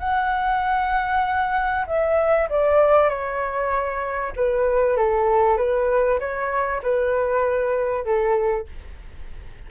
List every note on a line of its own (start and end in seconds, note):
0.00 1.86 F#5
1.87 2.49 E5
2.50 3.10 D5
3.10 4.34 C#5
4.36 4.97 B4
4.97 5.58 A4
5.58 6.20 B4
6.20 6.82 C#5
6.84 8.05 B4
8.05 8.67 A4